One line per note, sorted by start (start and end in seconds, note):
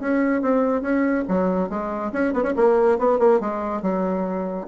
0.00 0.42 C#4
0.42 0.82 C4
0.82 1.25 C#4
1.29 1.70 F#3
1.70 2.12 G#3
2.13 2.34 C#4
2.34 2.44 B3
2.44 2.54 C#4
2.57 2.99 A#3
2.99 3.20 B3
3.20 3.41 A#3
3.41 3.82 G#3
3.82 4.68 F#3